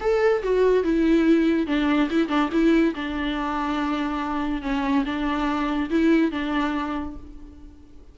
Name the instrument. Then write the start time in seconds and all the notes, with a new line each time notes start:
viola
0.00 A4
0.42 F#4
0.83 E4
1.67 D4
2.10 E4
2.28 D4
2.52 E4
2.94 D4
4.62 C#4
5.05 D4
5.90 E4
6.31 D4